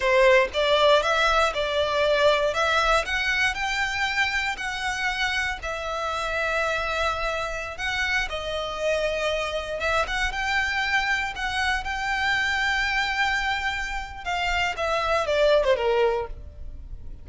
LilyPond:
\new Staff \with { instrumentName = "violin" } { \time 4/4 \tempo 4 = 118 c''4 d''4 e''4 d''4~ | d''4 e''4 fis''4 g''4~ | g''4 fis''2 e''4~ | e''2.~ e''16 fis''8.~ |
fis''16 dis''2. e''8 fis''16~ | fis''16 g''2 fis''4 g''8.~ | g''1 | f''4 e''4 d''8. c''16 ais'4 | }